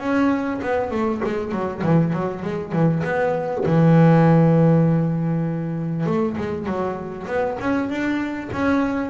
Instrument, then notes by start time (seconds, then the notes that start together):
double bass
0.00 C#4
0.63 B3
0.91 A3
1.25 G#3
1.52 F#3
1.83 E3
2.13 F#3
2.43 G#3
2.72 E3
3.04 B3
3.66 E3
6.06 A3
6.37 G#3
6.66 F#3
7.28 B3
7.60 C#4
7.90 D4
8.53 C#4